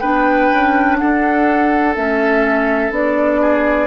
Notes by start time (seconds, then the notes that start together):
0.00 B3 D4 B4 G5
0.53 C#4
0.98 D4 A4 F#5
1.96 A3 C#4 E5
2.91 B3 D4 D5
3.41 G#4